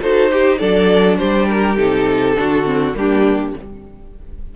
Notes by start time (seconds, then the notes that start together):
0.00 D#4 F#4 A4 C5
0.31 G4
0.58 F#3 D4 A4 D5
1.18 G3 G4 C5
1.48 A#4
1.76 C3 D#4 A4
2.35 D3 D4 F#4
2.65 C4
2.94 G3 A#3 D4 G4